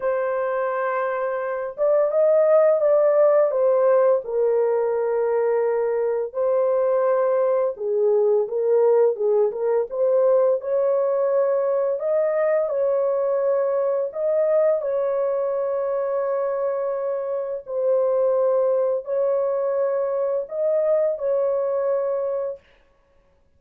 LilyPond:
\new Staff \with { instrumentName = "horn" } { \time 4/4 \tempo 4 = 85 c''2~ c''8 d''8 dis''4 | d''4 c''4 ais'2~ | ais'4 c''2 gis'4 | ais'4 gis'8 ais'8 c''4 cis''4~ |
cis''4 dis''4 cis''2 | dis''4 cis''2.~ | cis''4 c''2 cis''4~ | cis''4 dis''4 cis''2 | }